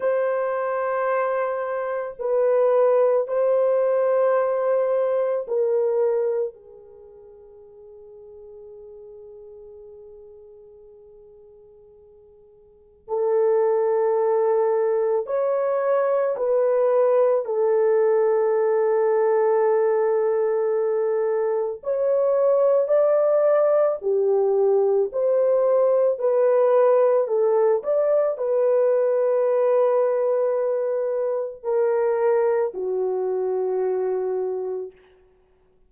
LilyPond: \new Staff \with { instrumentName = "horn" } { \time 4/4 \tempo 4 = 55 c''2 b'4 c''4~ | c''4 ais'4 gis'2~ | gis'1 | a'2 cis''4 b'4 |
a'1 | cis''4 d''4 g'4 c''4 | b'4 a'8 d''8 b'2~ | b'4 ais'4 fis'2 | }